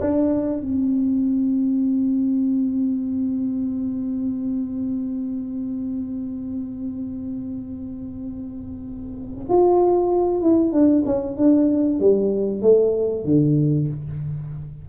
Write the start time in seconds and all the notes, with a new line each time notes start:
0.00 D4
0.61 C4
9.49 F4
10.40 E4
10.72 D4
11.06 C#4
11.36 D4
11.99 G3
12.61 A3
13.24 D3